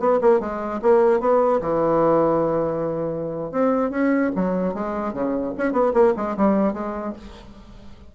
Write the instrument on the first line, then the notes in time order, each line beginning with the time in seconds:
bassoon
0.00 B3
0.21 A#3
0.40 G#3
0.82 A#3
1.20 B3
1.61 E3
3.52 C4
3.91 C#4
4.36 F#3
4.74 G#3
5.13 C#3
5.58 C#4
5.73 B3
5.94 A#3
6.17 G#3
6.37 G3
6.73 G#3